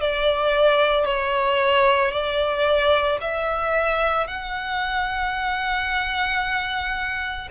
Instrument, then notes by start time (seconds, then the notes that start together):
violin
0.00 D5
1.05 C#5
2.11 D5
3.21 E5
4.27 F#5